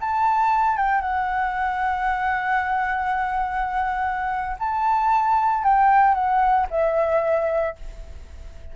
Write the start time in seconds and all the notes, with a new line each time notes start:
0.00 A5
0.77 G5
1.01 F#5
4.59 A5
5.63 G5
6.14 F#5
6.70 E5